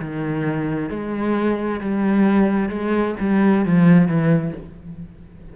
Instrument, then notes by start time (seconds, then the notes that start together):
cello
0.00 D#3
0.90 G#3
1.81 G3
2.69 G#3
3.20 G3
3.65 F3
4.08 E3